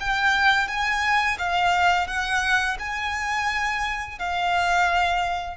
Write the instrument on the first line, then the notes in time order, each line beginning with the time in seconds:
violin
0.00 G5
0.68 G#5
1.38 F5
2.07 F#5
2.79 G#5
4.19 F5